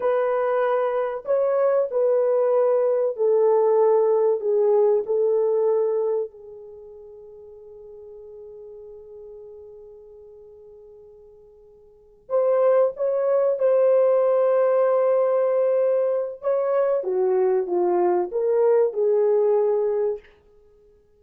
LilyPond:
\new Staff \with { instrumentName = "horn" } { \time 4/4 \tempo 4 = 95 b'2 cis''4 b'4~ | b'4 a'2 gis'4 | a'2 gis'2~ | gis'1~ |
gis'2.~ gis'8 c''8~ | c''8 cis''4 c''2~ c''8~ | c''2 cis''4 fis'4 | f'4 ais'4 gis'2 | }